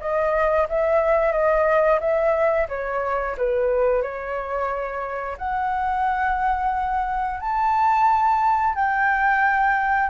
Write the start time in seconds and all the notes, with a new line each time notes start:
0.00 D#5
0.69 E5
1.32 D#5
2.00 E5
2.68 C#5
3.37 B4
4.02 C#5
5.37 F#5
7.40 A5
8.75 G5